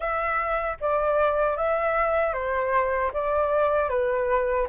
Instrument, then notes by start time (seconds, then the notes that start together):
flute
0.00 E5
0.80 D5
1.57 E5
2.33 C5
3.13 D5
3.89 B4